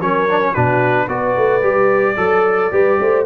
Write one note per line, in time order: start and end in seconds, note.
0.00 0.54 F#3
0.00 0.28 C#4
0.00 0.52 A#4
0.00 0.54 C#5
0.28 0.40 D4
0.40 0.54 C#4
0.52 1.07 B2
0.52 1.08 D4
0.52 1.06 F#4
0.52 1.08 B4
1.07 1.34 B3
1.07 1.61 F#4
1.07 2.15 B4
1.07 3.25 D5
1.37 1.62 A3
1.61 2.16 G3
1.61 2.15 G4
2.16 2.70 F#3
2.16 2.71 A4
2.16 2.72 A4
2.71 2.99 G3
2.71 3.25 G4
2.71 2.99 B4
3.00 3.25 A3
3.00 3.25 C5